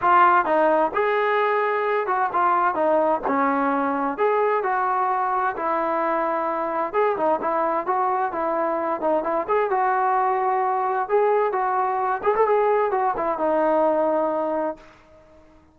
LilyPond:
\new Staff \with { instrumentName = "trombone" } { \time 4/4 \tempo 4 = 130 f'4 dis'4 gis'2~ | gis'8 fis'8 f'4 dis'4 cis'4~ | cis'4 gis'4 fis'2 | e'2. gis'8 dis'8 |
e'4 fis'4 e'4. dis'8 | e'8 gis'8 fis'2. | gis'4 fis'4. gis'16 a'16 gis'4 | fis'8 e'8 dis'2. | }